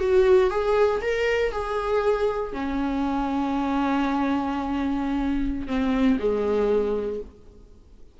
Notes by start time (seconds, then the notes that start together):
0.00 F#4
0.50 G#4
1.02 A#4
1.52 G#4
2.53 C#4
5.67 C4
6.19 G#3